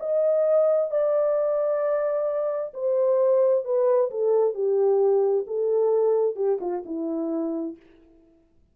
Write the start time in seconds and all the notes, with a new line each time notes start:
0.00 D#5
0.91 D5
2.74 C5
3.65 B4
4.10 A4
4.54 G4
5.47 A4
6.36 G4
6.61 F4
6.85 E4